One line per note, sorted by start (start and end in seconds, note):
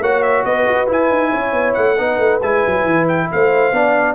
0.00 0.44 A#3
0.00 0.87 F#4
0.00 0.45 C#5
0.00 0.22 F#5
0.22 0.44 E5
0.45 0.67 B3
0.45 1.30 B4
0.45 0.89 D#5
0.67 0.89 F#4
0.87 1.96 E4
0.87 1.10 E4
0.87 1.74 G#5
1.10 1.32 D#4
1.30 1.53 C#4
1.30 1.96 C#5
1.53 1.74 B3
1.74 1.99 A3
1.74 2.39 F#5
1.97 2.18 B3
1.97 2.41 D#4
1.97 3.29 B4
2.18 2.40 A3
2.42 2.65 G#3
2.42 3.73 E4
2.42 3.08 G#5
2.67 2.85 F#3
2.85 3.28 E3
3.08 3.30 G5
3.31 3.72 A3
3.31 3.76 C5
3.31 4.15 F5
3.72 4.15 B3
3.72 4.15 D4
3.72 4.15 D5